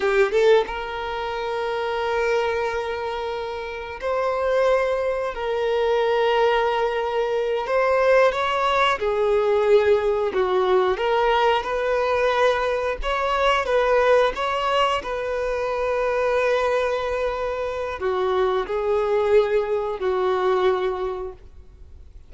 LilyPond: \new Staff \with { instrumentName = "violin" } { \time 4/4 \tempo 4 = 90 g'8 a'8 ais'2.~ | ais'2 c''2 | ais'2.~ ais'8 c''8~ | c''8 cis''4 gis'2 fis'8~ |
fis'8 ais'4 b'2 cis''8~ | cis''8 b'4 cis''4 b'4.~ | b'2. fis'4 | gis'2 fis'2 | }